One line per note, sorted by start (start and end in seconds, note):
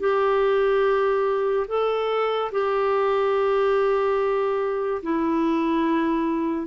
0.00 1.67 G4
1.68 2.52 A4
2.52 5.02 G4
5.03 6.67 E4